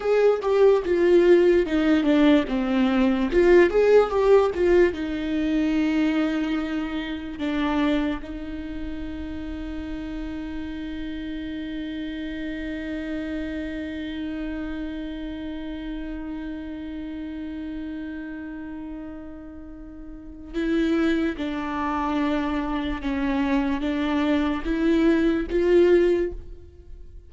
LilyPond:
\new Staff \with { instrumentName = "viola" } { \time 4/4 \tempo 4 = 73 gis'8 g'8 f'4 dis'8 d'8 c'4 | f'8 gis'8 g'8 f'8 dis'2~ | dis'4 d'4 dis'2~ | dis'1~ |
dis'1~ | dis'1~ | dis'4 e'4 d'2 | cis'4 d'4 e'4 f'4 | }